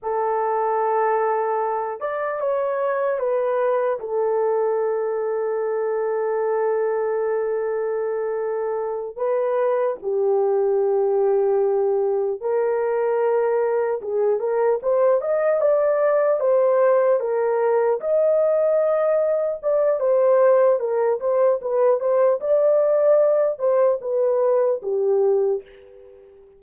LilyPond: \new Staff \with { instrumentName = "horn" } { \time 4/4 \tempo 4 = 75 a'2~ a'8 d''8 cis''4 | b'4 a'2.~ | a'2.~ a'8 b'8~ | b'8 g'2. ais'8~ |
ais'4. gis'8 ais'8 c''8 dis''8 d''8~ | d''8 c''4 ais'4 dis''4.~ | dis''8 d''8 c''4 ais'8 c''8 b'8 c''8 | d''4. c''8 b'4 g'4 | }